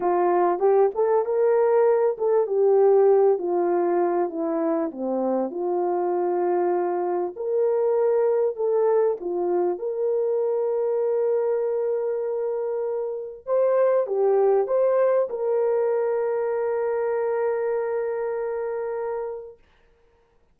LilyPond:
\new Staff \with { instrumentName = "horn" } { \time 4/4 \tempo 4 = 98 f'4 g'8 a'8 ais'4. a'8 | g'4. f'4. e'4 | c'4 f'2. | ais'2 a'4 f'4 |
ais'1~ | ais'2 c''4 g'4 | c''4 ais'2.~ | ais'1 | }